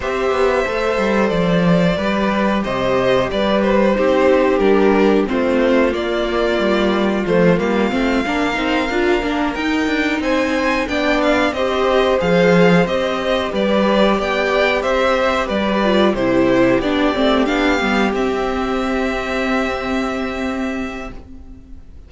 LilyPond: <<
  \new Staff \with { instrumentName = "violin" } { \time 4/4 \tempo 4 = 91 e''2 d''2 | dis''4 d''8 c''4. ais'4 | c''4 d''2 c''8 f''8~ | f''2~ f''8 g''4 gis''8~ |
gis''8 g''8 f''8 dis''4 f''4 dis''8~ | dis''8 d''4 g''4 e''4 d''8~ | d''8 c''4 d''4 f''4 e''8~ | e''1 | }
  \new Staff \with { instrumentName = "violin" } { \time 4/4 c''2. b'4 | c''4 b'4 g'2 | f'1~ | f'8 ais'2. c''8~ |
c''8 d''4 c''2~ c''8~ | c''8 b'4 d''4 c''4 b'8~ | b'8 g'2.~ g'8~ | g'1 | }
  \new Staff \with { instrumentName = "viola" } { \time 4/4 g'4 a'2 g'4~ | g'2 dis'4 d'4 | c'4 ais2 a8 ais8 | c'8 d'8 dis'8 f'8 d'8 dis'4.~ |
dis'8 d'4 g'4 gis'4 g'8~ | g'1 | f'8 e'4 d'8 c'8 d'8 b8 c'8~ | c'1 | }
  \new Staff \with { instrumentName = "cello" } { \time 4/4 c'8 b8 a8 g8 f4 g4 | c4 g4 c'4 g4 | a4 ais4 g4 f8 g8 | a8 ais8 c'8 d'8 ais8 dis'8 d'8 c'8~ |
c'8 b4 c'4 f4 c'8~ | c'8 g4 b4 c'4 g8~ | g8 c4 b8 a8 b8 g8 c'8~ | c'1 | }
>>